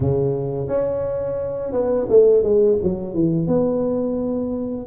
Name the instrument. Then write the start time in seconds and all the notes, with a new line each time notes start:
tuba
0.00 C#3
0.67 C#4
1.72 B3
2.09 A3
2.43 G#3
2.83 F#3
3.14 E3
3.47 B3